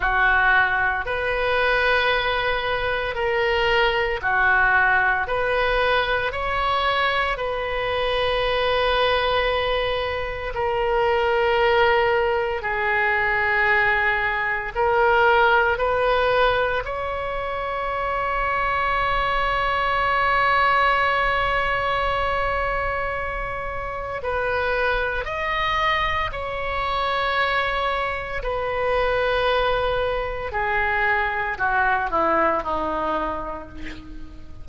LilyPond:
\new Staff \with { instrumentName = "oboe" } { \time 4/4 \tempo 4 = 57 fis'4 b'2 ais'4 | fis'4 b'4 cis''4 b'4~ | b'2 ais'2 | gis'2 ais'4 b'4 |
cis''1~ | cis''2. b'4 | dis''4 cis''2 b'4~ | b'4 gis'4 fis'8 e'8 dis'4 | }